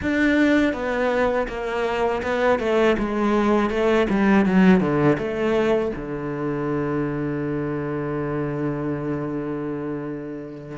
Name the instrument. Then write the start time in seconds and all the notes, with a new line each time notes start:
cello
0.02 D4
0.73 B3
1.47 A#3
2.23 B3
2.59 A3
2.98 G#3
3.69 A3
4.09 G3
4.45 F#3
4.80 D3
5.18 A3
5.96 D3